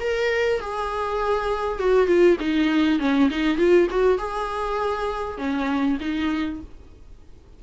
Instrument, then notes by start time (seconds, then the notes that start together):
viola
0.00 A#4
0.60 G#4
1.79 F#4
2.07 F4
2.39 D#4
2.99 C#4
3.30 D#4
3.58 F4
3.90 F#4
4.18 G#4
5.38 C#4
6.00 D#4